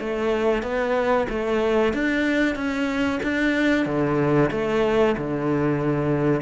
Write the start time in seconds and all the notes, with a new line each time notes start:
0.00 A3
0.63 B3
1.29 A3
1.93 D4
2.55 C#4
3.23 D4
3.86 D3
4.51 A3
5.18 D3